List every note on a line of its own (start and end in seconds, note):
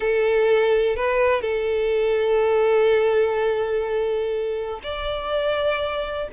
0.00 0.96 A4
0.96 1.41 B4
1.41 4.80 A4
4.83 6.28 D5